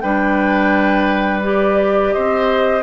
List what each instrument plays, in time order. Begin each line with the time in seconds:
0.00 bassoon G3, clarinet D4, oboe B4, flute G5
1.42 clarinet G4, flute D5
2.12 bassoon C4, oboe C5, flute D#5